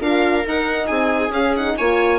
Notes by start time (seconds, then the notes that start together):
0.00 D4 F4 A#4 F5
0.45 D#4 F#5
0.86 C4 G#4 G#5
1.29 C#4 F5
1.56 D#4 F#5
1.77 A#3 F4 C#5 G#5